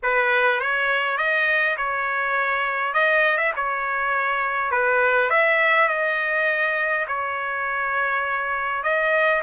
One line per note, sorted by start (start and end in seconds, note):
0.03 0.60 B4
0.60 1.17 C#5
1.17 1.76 D#5
1.77 2.93 C#5
2.93 3.37 D#5
3.37 3.52 E5
3.56 4.71 C#5
4.71 5.29 B4
5.29 5.88 E5
5.88 7.06 D#5
7.07 8.83 C#5
8.83 9.42 D#5